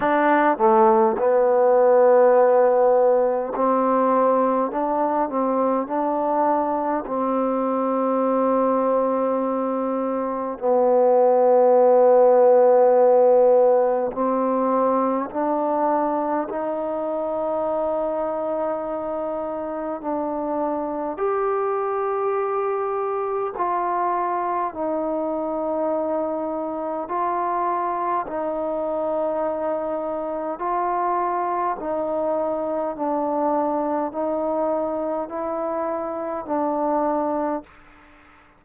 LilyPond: \new Staff \with { instrumentName = "trombone" } { \time 4/4 \tempo 4 = 51 d'8 a8 b2 c'4 | d'8 c'8 d'4 c'2~ | c'4 b2. | c'4 d'4 dis'2~ |
dis'4 d'4 g'2 | f'4 dis'2 f'4 | dis'2 f'4 dis'4 | d'4 dis'4 e'4 d'4 | }